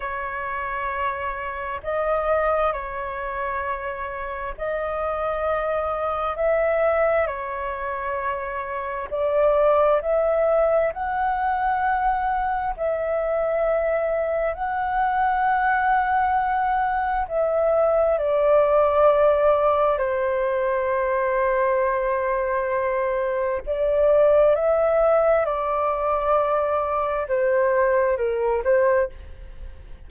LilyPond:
\new Staff \with { instrumentName = "flute" } { \time 4/4 \tempo 4 = 66 cis''2 dis''4 cis''4~ | cis''4 dis''2 e''4 | cis''2 d''4 e''4 | fis''2 e''2 |
fis''2. e''4 | d''2 c''2~ | c''2 d''4 e''4 | d''2 c''4 ais'8 c''8 | }